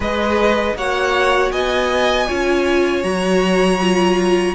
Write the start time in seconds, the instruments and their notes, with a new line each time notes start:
0.00 cello G#3, viola G#4, violin B4 D#5
0.75 cello A#3, viola F#4, violin C#5 F#5
1.51 cello B3, violin D#5 G#5
2.27 cello C#4, viola F4, violin C#5
3.03 cello F#3, viola F#4, violin A#5
3.81 viola F4